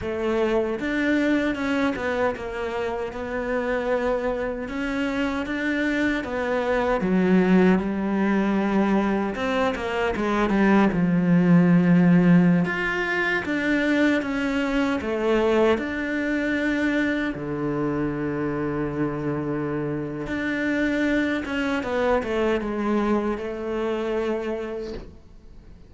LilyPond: \new Staff \with { instrumentName = "cello" } { \time 4/4 \tempo 4 = 77 a4 d'4 cis'8 b8 ais4 | b2 cis'4 d'4 | b4 fis4 g2 | c'8 ais8 gis8 g8 f2~ |
f16 f'4 d'4 cis'4 a8.~ | a16 d'2 d4.~ d16~ | d2 d'4. cis'8 | b8 a8 gis4 a2 | }